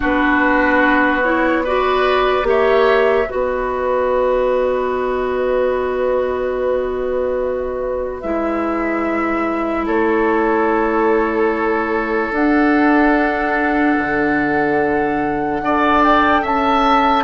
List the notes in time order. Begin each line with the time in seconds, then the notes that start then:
0.00 B3 D4 F#4 B4
1.23 E4 C#5
1.64 F#4 B4 D5
2.42 A#3 G4 C#5 E5
3.28 B3 F#4 B4 D#5
8.21 G#3 E4 E5
9.85 A3 A4 C#5
12.31 D4 F#5
13.98 D3
15.61 D4 A4 D5
16.03 G5
16.42 C#4 E5 A5